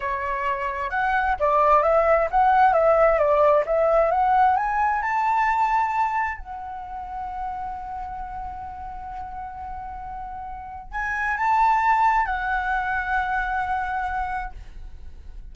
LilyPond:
\new Staff \with { instrumentName = "flute" } { \time 4/4 \tempo 4 = 132 cis''2 fis''4 d''4 | e''4 fis''4 e''4 d''4 | e''4 fis''4 gis''4 a''4~ | a''2 fis''2~ |
fis''1~ | fis''1 | gis''4 a''2 fis''4~ | fis''1 | }